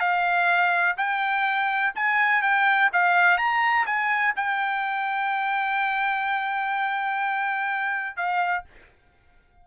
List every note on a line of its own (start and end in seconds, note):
0.00 0.96 F5
0.97 1.93 G5
1.95 2.42 G#5
2.42 2.90 G5
2.93 3.38 F5
3.38 3.86 A#5
3.86 4.34 G#5
4.36 8.16 G5
8.16 8.64 F5